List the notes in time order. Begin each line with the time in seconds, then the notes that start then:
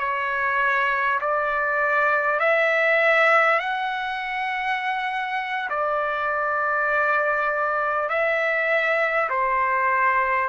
0.00 C#5
1.21 D5
2.39 E5
3.59 F#5
5.70 D5
8.09 E5
9.30 C5